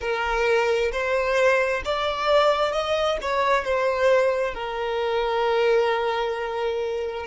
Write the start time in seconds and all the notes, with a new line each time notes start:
0.00 A#4
0.91 C5
1.84 D5
2.72 D#5
3.21 C#5
3.64 C5
4.54 A#4